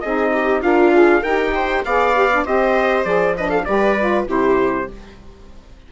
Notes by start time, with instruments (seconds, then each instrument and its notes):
0.00 bassoon C4, saxophone D#4, viola G#4, trumpet D#5
0.32 viola G4
0.62 bassoon D4, viola F4, saxophone A#4, trumpet F5
0.92 saxophone G#4
1.22 bassoon D#4, saxophone G4, viola A#4, trumpet G5
1.54 viola C5
1.84 bassoon B3, saxophone G#4, viola D5, trumpet F5
2.14 saxophone G4
2.32 saxophone D4
2.45 bassoon C4, saxophone G4, viola C5, trumpet D#5
3.04 bassoon F3, saxophone G#4, trumpet D5
3.37 saxophone D4, viola B4, trumpet D#5
3.49 viola A4, trumpet F5
3.65 bassoon G3, saxophone G4, viola B4, trumpet D5
3.98 saxophone F4
4.26 bassoon C3, saxophone E4, viola G4, trumpet C5